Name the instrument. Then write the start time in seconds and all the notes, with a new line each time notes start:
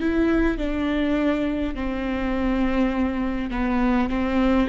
viola
0.00 E4
0.58 D4
1.75 C4
3.50 B3
4.09 C4